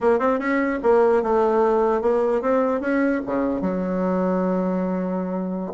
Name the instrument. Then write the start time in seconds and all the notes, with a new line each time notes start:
bassoon
0.01 A#3
0.19 C4
0.39 C#4
0.82 A#3
1.22 A3
2.01 A#3
2.41 C4
2.80 C#4
3.26 C#3
3.61 F#3